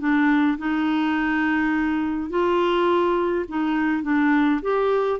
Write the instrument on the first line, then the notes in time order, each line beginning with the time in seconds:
clarinet
0.00 D4
0.58 D#4
2.30 F4
3.49 D#4
4.03 D4
4.62 G4